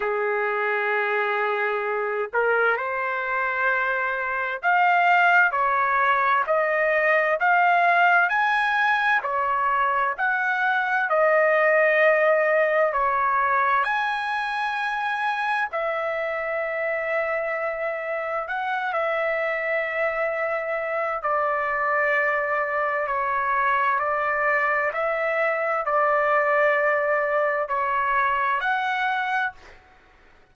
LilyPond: \new Staff \with { instrumentName = "trumpet" } { \time 4/4 \tempo 4 = 65 gis'2~ gis'8 ais'8 c''4~ | c''4 f''4 cis''4 dis''4 | f''4 gis''4 cis''4 fis''4 | dis''2 cis''4 gis''4~ |
gis''4 e''2. | fis''8 e''2~ e''8 d''4~ | d''4 cis''4 d''4 e''4 | d''2 cis''4 fis''4 | }